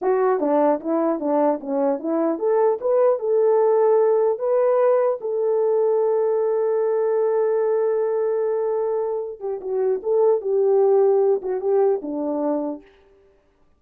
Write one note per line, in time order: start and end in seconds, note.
0.01 0.39 F#4
0.39 0.79 D4
0.80 1.19 E4
1.19 1.59 D4
1.60 1.99 C#4
1.99 2.38 E4
2.38 2.78 A4
2.81 3.19 B4
3.19 4.38 A4
4.38 5.18 B4
5.20 9.40 A4
9.40 9.60 G4
9.60 10.00 F#4
10.02 10.41 A4
10.41 11.41 G4
11.41 11.61 F#4
11.61 12.01 G4
12.02 12.82 D4